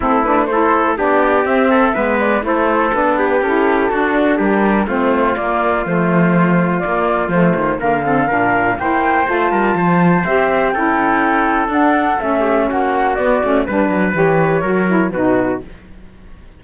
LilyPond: <<
  \new Staff \with { instrumentName = "flute" } { \time 4/4 \tempo 4 = 123 a'8 b'8 c''4 d''4 e''4~ | e''8 d''8 c''4 b'4 a'4~ | a'4 ais'4 c''4 d''4 | c''2 d''4 c''4 |
f''2 g''4 a''4~ | a''4 e''4 g''2 | fis''4 e''4 fis''4 d''4 | b'4 cis''2 b'4 | }
  \new Staff \with { instrumentName = "trumpet" } { \time 4/4 e'4 a'4 g'4. a'8 | b'4 a'4. g'4. | fis'4 g'4 f'2~ | f'1 |
ais'8 a'8 ais'4 c''4. ais'8 | c''2 a'2~ | a'4. g'8 fis'2 | b'2 ais'4 fis'4 | }
  \new Staff \with { instrumentName = "saxophone" } { \time 4/4 c'8 d'8 e'4 d'4 c'4 | b4 e'4 d'4 e'4 | d'2 c'4 ais4 | a2 ais4 a4 |
ais8 c'8 d'4 e'4 f'4~ | f'4 g'4 e'2 | d'4 cis'2 b8 cis'8 | d'4 g'4 fis'8 e'8 dis'4 | }
  \new Staff \with { instrumentName = "cello" } { \time 4/4 a2 b4 c'4 | gis4 a4 b4 cis'4 | d'4 g4 a4 ais4 | f2 ais4 f8 dis8 |
d4 ais,4 ais4 a8 g8 | f4 c'4 cis'2 | d'4 a4 ais4 b8 a8 | g8 fis8 e4 fis4 b,4 | }
>>